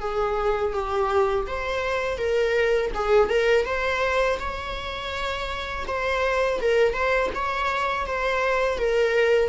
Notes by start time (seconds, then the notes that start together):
0.00 G#4
0.73 G4
1.47 C5
2.18 A#4
2.94 G#4
3.29 A#4
3.66 C5
4.39 C#5
5.87 C5
6.62 A#4
6.93 C5
7.35 C#5
8.07 C5
8.78 A#4